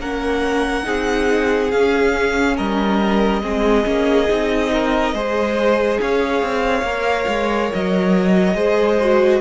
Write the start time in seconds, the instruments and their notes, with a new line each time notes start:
0.00 cello A#3, viola C#4, violin A#4 F#5
0.83 cello C4, viola D#4, violin G#4
1.71 cello C#4, viola C#4, violin F5
2.56 cello G3, violin A#4 D#5
3.42 cello G#3, viola C4, violin G#4
3.84 cello A#3, viola C#4
4.28 cello C4, viola D#4
4.73 violin A#4
5.13 cello G#3, viola G#4, violin C5
6.01 cello C#4, violin C#5 F5
6.42 cello C4
6.82 cello A#3, viola A#4
7.27 cello G#3
7.73 cello F#3, violin D#5
8.54 cello G#3, viola G#4, violin C5
9.00 viola F#4